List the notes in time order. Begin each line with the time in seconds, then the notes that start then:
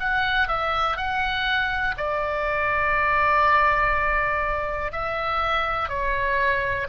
0.00 F#5
0.48 E5
0.97 F#5
1.97 D5
4.92 E5
5.89 C#5